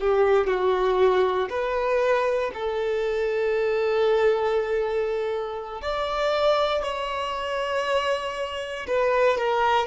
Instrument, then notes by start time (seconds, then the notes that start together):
violin
0.00 G4
0.47 F#4
1.49 B4
2.54 A4
5.82 D5
6.83 C#5
8.87 B4
9.37 A#4